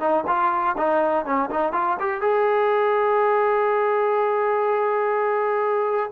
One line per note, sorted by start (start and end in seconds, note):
0.00 0.24 D#4
0.27 0.76 F4
0.77 1.25 D#4
1.25 1.50 C#4
1.51 1.73 D#4
1.73 1.97 F4
2.00 2.21 G4
2.21 6.11 G#4